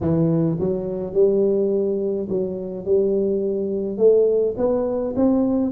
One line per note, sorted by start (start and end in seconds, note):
0.00 0.57 E3
0.59 1.13 F#3
1.13 2.28 G3
2.29 2.85 F#3
2.85 3.97 G3
3.97 4.54 A3
4.57 5.14 B3
5.16 5.71 C4